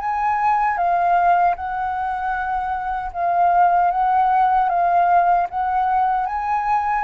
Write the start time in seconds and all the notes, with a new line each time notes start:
0.00 G#5
0.78 F5
1.56 F#5
3.13 F5
3.91 F#5
4.69 F5
5.50 F#5
6.27 G#5